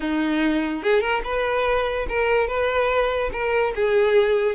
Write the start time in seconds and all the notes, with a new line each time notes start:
0.00 D#4
0.83 G#4
1.00 A#4
1.24 B4
2.09 A#4
2.47 B4
3.32 A#4
3.75 G#4